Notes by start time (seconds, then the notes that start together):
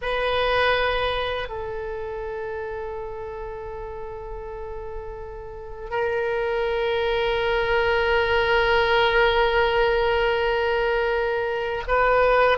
0.01 B4
1.48 A4
5.90 A#4
11.87 B4